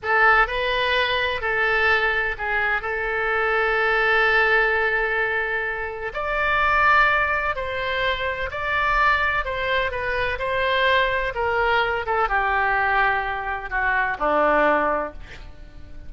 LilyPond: \new Staff \with { instrumentName = "oboe" } { \time 4/4 \tempo 4 = 127 a'4 b'2 a'4~ | a'4 gis'4 a'2~ | a'1~ | a'4 d''2. |
c''2 d''2 | c''4 b'4 c''2 | ais'4. a'8 g'2~ | g'4 fis'4 d'2 | }